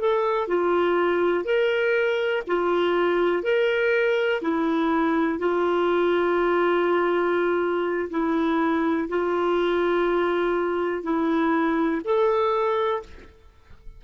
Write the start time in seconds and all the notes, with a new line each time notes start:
0.00 A4
0.48 F4
1.44 A#4
2.47 F4
3.43 A#4
4.42 E4
5.39 F4
8.10 E4
9.08 F4
11.03 E4
12.04 A4